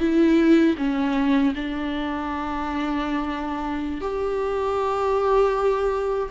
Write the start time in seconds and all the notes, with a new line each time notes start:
0.00 E4
0.78 C#4
1.55 D4
4.01 G4